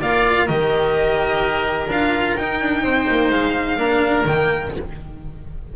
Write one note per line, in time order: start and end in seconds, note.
0.00 0.49 A#3
0.00 0.48 F4
0.00 0.46 D5
0.00 0.48 F5
0.46 1.88 D#3
0.46 1.90 G4
0.46 2.82 A#4
0.46 1.89 D#5
1.88 2.35 D4
1.88 2.39 F4
1.88 2.37 F5
2.37 2.62 D#4
2.37 3.78 D#4
2.37 3.31 G5
2.62 2.83 D4
2.83 3.07 C4
2.83 3.78 C5
3.10 3.31 A#3
3.31 3.77 G#3
3.31 4.26 F5
3.77 4.25 A#3
3.77 4.25 D4
3.77 4.74 A#4
4.25 4.73 D#3
4.25 4.77 A#3
4.25 4.74 G5